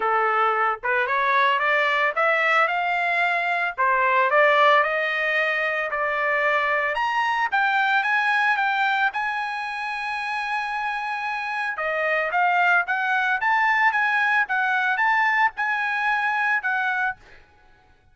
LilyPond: \new Staff \with { instrumentName = "trumpet" } { \time 4/4 \tempo 4 = 112 a'4. b'8 cis''4 d''4 | e''4 f''2 c''4 | d''4 dis''2 d''4~ | d''4 ais''4 g''4 gis''4 |
g''4 gis''2.~ | gis''2 dis''4 f''4 | fis''4 a''4 gis''4 fis''4 | a''4 gis''2 fis''4 | }